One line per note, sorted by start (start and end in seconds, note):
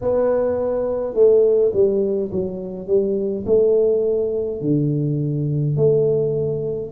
0.01 1.14 B3
1.14 1.72 A3
1.73 2.31 G3
2.31 2.87 F#3
2.87 3.45 G3
3.46 4.60 A3
4.60 5.76 D3
5.76 6.91 A3